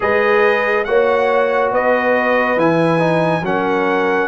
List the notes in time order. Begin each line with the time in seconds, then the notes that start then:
0.00 G#3 G#4 B4 D#5
0.84 A#3 F#4 C#5 F#5
1.71 B3 B4 D#5
2.56 E3 E4 G#5
2.99 D#4
3.41 F#3 C#4 A#4 F#5